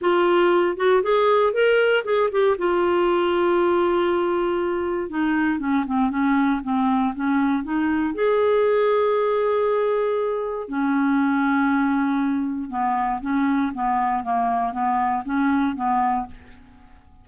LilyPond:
\new Staff \with { instrumentName = "clarinet" } { \time 4/4 \tempo 4 = 118 f'4. fis'8 gis'4 ais'4 | gis'8 g'8 f'2.~ | f'2 dis'4 cis'8 c'8 | cis'4 c'4 cis'4 dis'4 |
gis'1~ | gis'4 cis'2.~ | cis'4 b4 cis'4 b4 | ais4 b4 cis'4 b4 | }